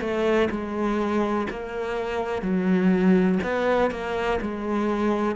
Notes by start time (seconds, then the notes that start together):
0.00 A3
0.50 G#3
1.50 A#3
2.41 F#3
3.43 B3
3.91 A#3
4.41 G#3